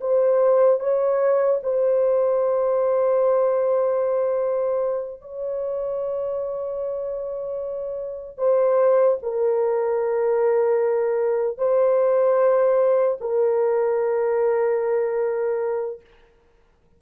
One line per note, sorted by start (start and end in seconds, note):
0.00 0.80 C5
0.80 1.60 C#5
1.63 5.21 C5
5.21 8.37 C#5
8.37 9.17 C5
9.23 11.57 A#4
11.57 13.17 C5
13.20 16.00 A#4